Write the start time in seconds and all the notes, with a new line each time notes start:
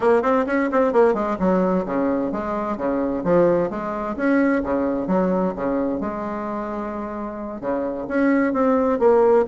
0.00 A#3
0.22 C4
0.46 C#4
0.71 C4
0.92 A#3
1.14 G#3
1.39 F#3
1.85 C#3
2.32 G#3
2.77 C#3
3.23 F3
3.69 G#3
4.16 C#4
4.63 C#3
5.07 F#3
5.55 C#3
6.00 G#3
7.60 C#3
8.08 C#4
8.53 C4
8.99 A#3